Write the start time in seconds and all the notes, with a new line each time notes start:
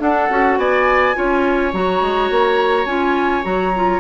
0.00 D4 A4 F#5
0.30 C#4 F#4
0.57 B3 D5 G#5
1.14 C#4 F4 C#5
1.73 F#3 F#4 A#5
2.02 G#3
2.30 A#3
2.86 C#4 F4 G#5
3.43 F#3 F#4 A#5
3.75 F4